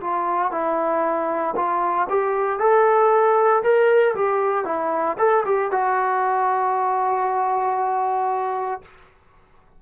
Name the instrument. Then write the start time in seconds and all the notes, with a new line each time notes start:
trombone
0.00 F4
0.51 E4
1.55 F4
2.09 G4
2.59 A4
3.63 A#4
4.14 G4
4.65 E4
5.18 A4
5.45 G4
5.71 F#4